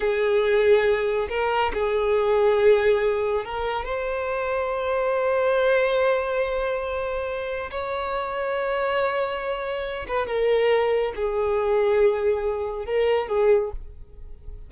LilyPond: \new Staff \with { instrumentName = "violin" } { \time 4/4 \tempo 4 = 140 gis'2. ais'4 | gis'1 | ais'4 c''2.~ | c''1~ |
c''2 cis''2~ | cis''2.~ cis''8 b'8 | ais'2 gis'2~ | gis'2 ais'4 gis'4 | }